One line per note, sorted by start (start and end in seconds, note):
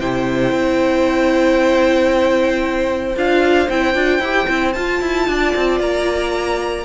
0.00 0.52 C3
0.00 3.16 E4
0.00 5.26 C5
0.00 3.16 G5
0.52 3.15 C4
3.16 3.69 D4
3.16 3.69 F4
3.16 3.70 F5
3.70 3.95 C4
3.70 3.95 E4
3.70 4.73 G5
3.95 4.20 D4
3.95 4.21 F4
4.20 4.46 E4
4.20 4.48 G4
4.48 4.76 C4
4.48 4.75 E4
4.73 5.02 F4
4.73 6.86 F4
4.73 5.78 A5
5.02 5.28 E4
5.28 5.54 D4
5.28 6.86 D5
5.56 5.80 C4
5.80 6.85 A#3
5.80 6.86 A#5